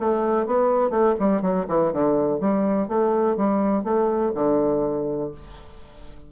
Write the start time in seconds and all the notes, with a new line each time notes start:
0.00 A3
0.46 B3
0.90 A3
1.19 G3
1.42 F#3
1.68 E3
1.93 D3
2.40 G3
2.88 A3
3.37 G3
3.84 A3
4.35 D3